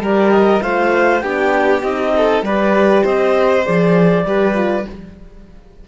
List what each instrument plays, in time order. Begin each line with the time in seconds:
0.00 cello G3, horn G4, violin A#4, clarinet D5
0.32 clarinet D#5
0.62 cello A3, horn F4, violin C5, clarinet F5
1.21 cello B3, horn D4, violin G4, clarinet G5
1.83 cello C4, horn D#4, clarinet D#5
2.17 violin A4
2.42 cello G3, horn G4, violin B4, clarinet D5
3.03 cello C4, violin C5, clarinet D#5
3.64 cello F3, horn G#4, clarinet D5
4.25 cello G3, horn G4, violin B4
4.55 horn F4